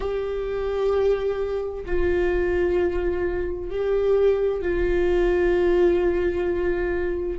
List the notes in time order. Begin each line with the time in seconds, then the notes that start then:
0.00 G4
1.85 F4
3.70 G4
4.62 F4